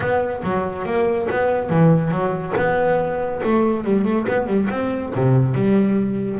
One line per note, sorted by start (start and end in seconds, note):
0.00 0.42 B3
0.43 0.85 F#3
0.85 1.27 A#3
1.30 1.69 B3
1.69 2.11 E3
2.11 2.53 F#3
2.56 3.41 B3
3.43 3.84 A3
3.84 4.04 G3
4.04 4.26 A3
4.27 4.46 B3
4.46 4.68 G3
4.70 5.12 C4
5.15 5.54 C3
5.54 6.39 G3